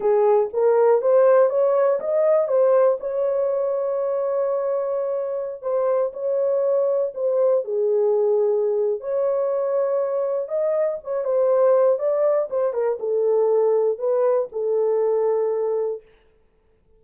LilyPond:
\new Staff \with { instrumentName = "horn" } { \time 4/4 \tempo 4 = 120 gis'4 ais'4 c''4 cis''4 | dis''4 c''4 cis''2~ | cis''2.~ cis''16 c''8.~ | c''16 cis''2 c''4 gis'8.~ |
gis'2 cis''2~ | cis''4 dis''4 cis''8 c''4. | d''4 c''8 ais'8 a'2 | b'4 a'2. | }